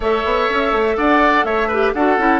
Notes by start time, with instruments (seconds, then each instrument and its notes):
0.00 bassoon A3, clarinet A4, oboe C#5, flute E5
0.24 bassoon B3
0.49 bassoon C#4
0.71 bassoon A3
0.97 bassoon D4, oboe D5, flute F#5
1.44 bassoon A3, oboe C#5, flute E5
1.67 clarinet G4, oboe B4
1.93 bassoon D4, clarinet F#4, oboe A4, flute F#5
2.17 bassoon C#4, clarinet E4